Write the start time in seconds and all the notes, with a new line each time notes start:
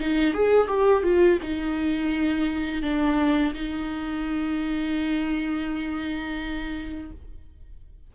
0.00 D#4
0.34 G#4
0.68 G4
1.03 F4
1.43 D#4
2.82 D4
3.54 D#4